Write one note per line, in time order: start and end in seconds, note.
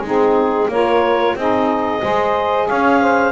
0.00 0.66 G#3
0.00 0.71 C4
0.00 0.69 D#4
0.00 0.70 G#4
0.68 1.34 A#3
0.68 1.37 F4
0.68 1.36 A#4
0.68 1.36 C#5
1.35 2.01 C4
1.35 2.01 D#4
1.35 2.02 G#4
1.35 2.68 D#5
2.01 2.69 G#3
2.01 3.32 G#4
2.01 2.67 C5
2.67 3.32 C#4
2.67 3.00 C#5
2.67 3.32 F5
3.00 3.32 C5